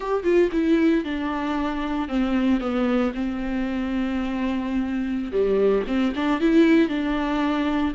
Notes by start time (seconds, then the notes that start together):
0.00 G4
0.23 F4
0.52 E4
1.04 D4
2.08 C4
2.60 B3
3.14 C4
5.31 G3
5.87 C4
6.15 D4
6.40 E4
6.88 D4